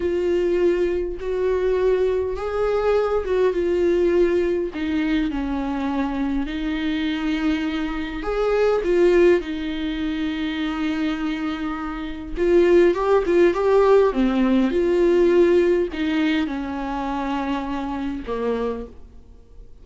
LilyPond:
\new Staff \with { instrumentName = "viola" } { \time 4/4 \tempo 4 = 102 f'2 fis'2 | gis'4. fis'8 f'2 | dis'4 cis'2 dis'4~ | dis'2 gis'4 f'4 |
dis'1~ | dis'4 f'4 g'8 f'8 g'4 | c'4 f'2 dis'4 | cis'2. ais4 | }